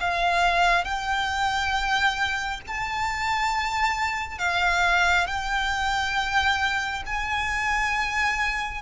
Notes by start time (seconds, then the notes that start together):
0.00 F5
0.84 G5
2.67 A5
4.38 F5
5.27 G5
7.06 G#5